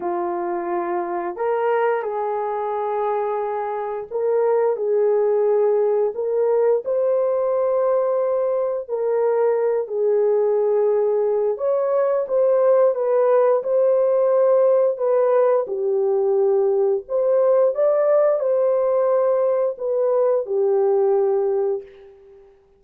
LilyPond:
\new Staff \with { instrumentName = "horn" } { \time 4/4 \tempo 4 = 88 f'2 ais'4 gis'4~ | gis'2 ais'4 gis'4~ | gis'4 ais'4 c''2~ | c''4 ais'4. gis'4.~ |
gis'4 cis''4 c''4 b'4 | c''2 b'4 g'4~ | g'4 c''4 d''4 c''4~ | c''4 b'4 g'2 | }